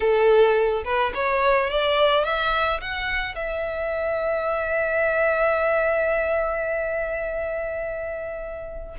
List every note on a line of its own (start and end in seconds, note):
0.00 0.83 A4
0.84 1.12 B4
1.14 1.69 C#5
1.69 2.24 D5
2.24 2.80 E5
2.80 3.35 F#5
3.35 8.95 E5